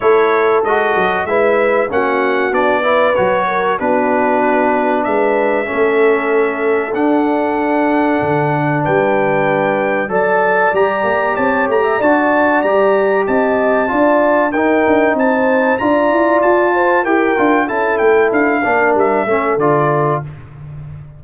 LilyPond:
<<
  \new Staff \with { instrumentName = "trumpet" } { \time 4/4 \tempo 4 = 95 cis''4 dis''4 e''4 fis''4 | d''4 cis''4 b'2 | e''2. fis''4~ | fis''2 g''2 |
a''4 ais''4 a''8 ais''8 a''4 | ais''4 a''2 g''4 | a''4 ais''4 a''4 g''4 | a''8 g''8 f''4 e''4 d''4 | }
  \new Staff \with { instrumentName = "horn" } { \time 4/4 a'2 b'4 fis'4~ | fis'8 b'4 ais'8 fis'2 | b'4 a'2.~ | a'2 b'2 |
d''2 cis''8. e''16 d''4~ | d''4 dis''4 d''4 ais'4 | c''4 d''4. c''8 ais'4 | a'4. ais'4 a'4. | }
  \new Staff \with { instrumentName = "trombone" } { \time 4/4 e'4 fis'4 e'4 cis'4 | d'8 e'8 fis'4 d'2~ | d'4 cis'2 d'4~ | d'1 |
a'4 g'2 fis'4 | g'2 f'4 dis'4~ | dis'4 f'2 g'8 f'8 | e'4. d'4 cis'8 f'4 | }
  \new Staff \with { instrumentName = "tuba" } { \time 4/4 a4 gis8 fis8 gis4 ais4 | b4 fis4 b2 | gis4 a2 d'4~ | d'4 d4 g2 |
fis4 g8 ais8 c'8 a8 d'4 | g4 c'4 d'4 dis'8 d'8 | c'4 d'8 e'8 f'4 e'8 d'8 | cis'8 a8 d'8 ais8 g8 a8 d4 | }
>>